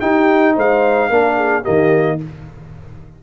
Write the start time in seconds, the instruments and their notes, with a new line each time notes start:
0.00 trombone D#4, tuba D#4, horn G4, trumpet G5
0.55 tuba G#3, horn C5, trumpet F5
1.10 tuba A#3, trombone D4, horn A#4
1.36 horn G#4
1.62 tuba D#3, trombone A#3, horn G4, trumpet D#5